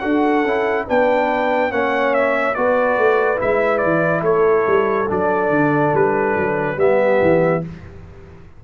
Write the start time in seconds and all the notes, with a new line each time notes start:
0.00 D4 F#4 A4 F#5
0.45 C#4 E4
0.87 B3 D4 B4 G5
1.70 A#3 C#4 C#5 F#5
2.14 E5
2.55 B3 F#4 B4 D5
2.98 A3
3.37 G#3 E4 E5
3.78 E3 D5
4.22 A3 A4 C#5
4.67 G3
5.09 F#3 D4 D5
5.50 D3
5.94 G3 B4
6.36 F#3
6.77 G3 B3 G4 E5
7.22 E3